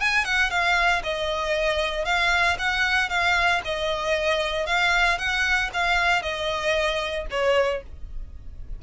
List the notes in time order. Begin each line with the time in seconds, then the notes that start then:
0.00 G#5
0.24 F#5
0.50 F5
1.03 D#5
2.05 F5
2.58 F#5
3.09 F5
3.65 D#5
4.66 F5
5.18 F#5
5.73 F5
6.22 D#5
7.30 C#5